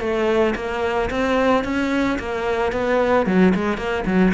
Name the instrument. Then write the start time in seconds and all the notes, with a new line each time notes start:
cello
0.00 A3
0.55 A#3
1.10 C4
1.64 C#4
2.19 A#3
2.72 B3
3.26 F#3
3.55 G#3
3.77 A#3
4.05 F#3